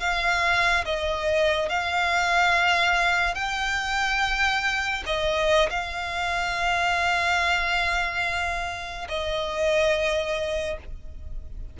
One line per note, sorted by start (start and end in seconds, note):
0.00 0.85 F5
0.85 1.69 D#5
1.69 3.34 F5
3.34 5.03 G5
5.06 5.69 D#5
5.70 9.08 F5
9.08 10.77 D#5